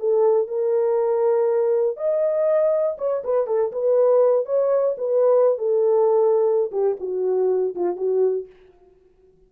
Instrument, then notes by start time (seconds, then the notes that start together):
horn
0.00 A4
0.48 A#4
1.97 D#5
2.98 C#5
3.25 B4
3.47 A4
3.72 B4
4.46 C#5
4.98 B4
5.59 A4
6.72 G4
7.00 F#4
7.76 F4
7.97 F#4